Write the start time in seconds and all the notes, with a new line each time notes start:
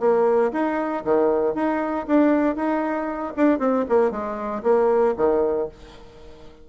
0.00 A#3
0.52 D#4
1.05 D#3
1.55 D#4
2.07 D4
2.56 D#4
3.37 D4
3.59 C4
3.89 A#3
4.11 G#3
4.63 A#3
5.17 D#3